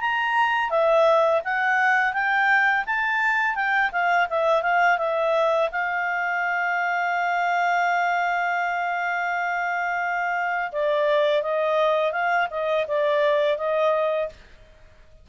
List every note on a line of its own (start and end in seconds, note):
0.00 0.70 A#5
0.70 1.41 E5
1.44 2.13 F#5
2.13 2.85 G5
2.86 3.55 A5
3.55 3.91 G5
3.92 4.28 F5
4.30 4.62 E5
4.62 4.98 F5
4.98 5.69 E5
5.71 10.71 F5
10.72 11.42 D5
11.42 12.12 D#5
12.12 12.47 F5
12.50 12.86 D#5
12.87 13.57 D5
13.57 14.29 D#5